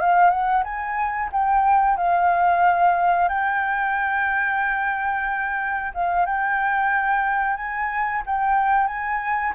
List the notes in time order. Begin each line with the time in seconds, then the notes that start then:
0.00 F5
0.30 F#5
0.64 G#5
1.32 G5
1.97 F5
3.28 G5
5.94 F5
6.26 G5
7.57 G#5
8.26 G5
8.87 G#5